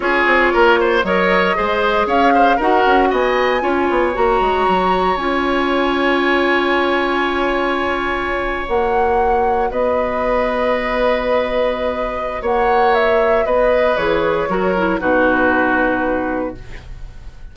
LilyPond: <<
  \new Staff \with { instrumentName = "flute" } { \time 4/4 \tempo 4 = 116 cis''2 dis''2 | f''4 fis''4 gis''2 | ais''2 gis''2~ | gis''1~ |
gis''8. fis''2 dis''4~ dis''16~ | dis''1 | fis''4 e''4 dis''4 cis''4~ | cis''4 b'2. | }
  \new Staff \with { instrumentName = "oboe" } { \time 4/4 gis'4 ais'8 c''8 cis''4 c''4 | cis''8 c''8 ais'4 dis''4 cis''4~ | cis''1~ | cis''1~ |
cis''2~ cis''8. b'4~ b'16~ | b'1 | cis''2 b'2 | ais'4 fis'2. | }
  \new Staff \with { instrumentName = "clarinet" } { \time 4/4 f'2 ais'4 gis'4~ | gis'4 fis'2 f'4 | fis'2 f'2~ | f'1~ |
f'8. fis'2.~ fis'16~ | fis'1~ | fis'2. gis'4 | fis'8 e'8 dis'2. | }
  \new Staff \with { instrumentName = "bassoon" } { \time 4/4 cis'8 c'8 ais4 fis4 gis4 | cis'4 dis'8 cis'8 b4 cis'8 b8 | ais8 gis8 fis4 cis'2~ | cis'1~ |
cis'8. ais2 b4~ b16~ | b1 | ais2 b4 e4 | fis4 b,2. | }
>>